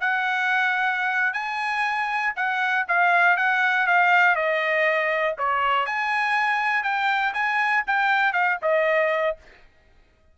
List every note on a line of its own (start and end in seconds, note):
0.00 1.33 F#5
1.33 2.33 G#5
2.36 2.86 F#5
2.88 3.36 F5
3.36 3.86 F#5
3.86 4.35 F5
4.35 5.35 D#5
5.38 5.86 C#5
5.86 6.83 G#5
6.83 7.33 G5
7.33 7.83 G#5
7.86 8.32 G5
8.32 8.57 F5
8.62 9.37 D#5